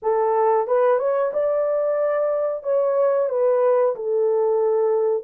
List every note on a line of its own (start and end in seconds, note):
0.02 0.67 A4
0.67 0.98 B4
0.98 1.31 C#5
1.33 2.63 D5
2.63 3.29 C#5
3.29 3.95 B4
3.95 5.23 A4